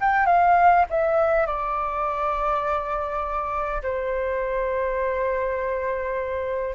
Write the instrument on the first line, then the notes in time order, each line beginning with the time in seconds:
flute
0.00 G5
0.26 F5
0.90 E5
1.46 D5
3.82 C5